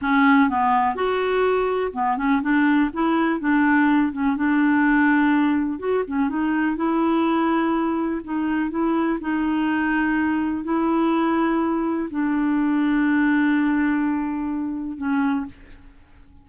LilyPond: \new Staff \with { instrumentName = "clarinet" } { \time 4/4 \tempo 4 = 124 cis'4 b4 fis'2 | b8 cis'8 d'4 e'4 d'4~ | d'8 cis'8 d'2. | fis'8 cis'8 dis'4 e'2~ |
e'4 dis'4 e'4 dis'4~ | dis'2 e'2~ | e'4 d'2.~ | d'2. cis'4 | }